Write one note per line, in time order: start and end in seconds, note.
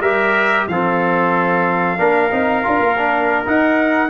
0.00 0.65 G3
0.00 0.70 G4
0.00 0.67 A#4
0.00 0.67 E5
0.68 1.98 F3
0.68 1.98 C4
0.68 1.99 A4
0.68 3.45 F5
1.98 2.32 A#3
1.98 2.30 D4
1.98 4.10 A#4
2.31 2.65 C4
2.31 2.64 D#4
2.64 2.80 D4
2.64 2.96 F4
2.80 3.45 A#3
2.98 3.45 D4
3.45 4.10 D#4
3.45 4.10 F#5